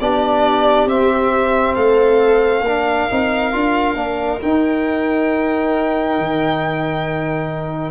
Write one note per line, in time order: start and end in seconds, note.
0.00 0.86 B3
0.00 0.89 D4
0.00 1.76 G4
0.00 0.88 D5
0.86 1.74 C4
0.86 2.65 C4
0.86 1.75 E5
1.75 2.60 A3
1.75 2.64 A4
1.75 4.40 F5
2.60 3.05 A#3
2.60 7.91 A#4
2.67 3.10 D4
3.10 3.54 C4
3.10 3.52 D#4
3.52 3.95 D4
3.52 3.96 F4
3.95 4.39 A#3
3.95 4.40 D4
4.41 7.91 D#4
4.41 6.18 D#4
4.41 7.91 G5
6.18 7.91 D#3